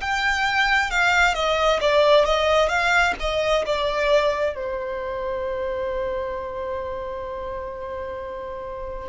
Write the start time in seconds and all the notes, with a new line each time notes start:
0.00 G5
0.90 F5
1.34 D#5
1.80 D5
2.25 D#5
2.68 F5
3.19 D#5
3.66 D5
4.55 C5